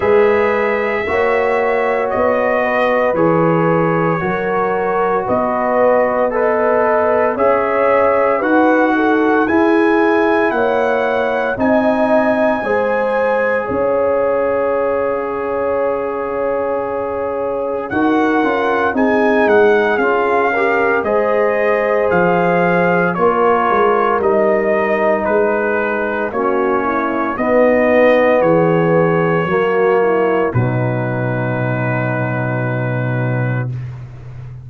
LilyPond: <<
  \new Staff \with { instrumentName = "trumpet" } { \time 4/4 \tempo 4 = 57 e''2 dis''4 cis''4~ | cis''4 dis''4 b'4 e''4 | fis''4 gis''4 fis''4 gis''4~ | gis''4 f''2.~ |
f''4 fis''4 gis''8 fis''8 f''4 | dis''4 f''4 cis''4 dis''4 | b'4 cis''4 dis''4 cis''4~ | cis''4 b'2. | }
  \new Staff \with { instrumentName = "horn" } { \time 4/4 b'4 cis''4. b'4. | ais'4 b'4 dis''4 cis''4 | b'8 a'8 gis'4 cis''4 dis''4 | c''4 cis''2.~ |
cis''4 ais'4 gis'4. ais'8 | c''2 ais'2 | gis'4 fis'8 e'8 dis'4 gis'4 | fis'8 e'8 dis'2. | }
  \new Staff \with { instrumentName = "trombone" } { \time 4/4 gis'4 fis'2 gis'4 | fis'2 a'4 gis'4 | fis'4 e'2 dis'4 | gis'1~ |
gis'4 fis'8 f'8 dis'4 f'8 g'8 | gis'2 f'4 dis'4~ | dis'4 cis'4 b2 | ais4 fis2. | }
  \new Staff \with { instrumentName = "tuba" } { \time 4/4 gis4 ais4 b4 e4 | fis4 b2 cis'4 | dis'4 e'4 ais4 c'4 | gis4 cis'2.~ |
cis'4 dis'8 cis'8 c'8 gis8 cis'4 | gis4 f4 ais8 gis8 g4 | gis4 ais4 b4 e4 | fis4 b,2. | }
>>